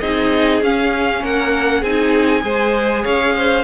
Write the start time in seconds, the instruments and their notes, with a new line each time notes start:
0.00 cello C4, viola D#4, violin G#4 D#5
0.62 cello C#4, viola C#4, violin F5
1.23 cello A#3, violin A#4 F#5
1.80 cello C4, viola D#4, violin G#4 G#5
2.41 cello G#3, viola G#4, violin C5
3.03 cello C#4, violin C#5 F5
3.36 violin C5